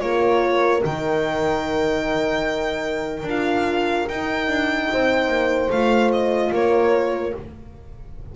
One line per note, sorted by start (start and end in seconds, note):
0.00 0.83 A#3
0.00 0.81 F4
0.00 4.91 A#4
0.00 0.81 C#5
0.84 3.23 D#3
0.84 3.27 D#4
0.84 3.28 G5
3.23 4.05 D4
3.23 4.10 F4
3.30 4.09 F5
4.09 4.48 D#4
4.09 5.73 D#4
4.09 5.71 G5
4.48 4.88 D4
4.91 5.28 C4
4.91 6.52 C5
5.28 5.68 A#3
5.70 6.51 A3
5.70 7.35 F4
5.70 6.11 F5
6.12 6.53 D#5
6.52 7.33 A#3
6.52 7.33 A#4
6.52 7.36 C#5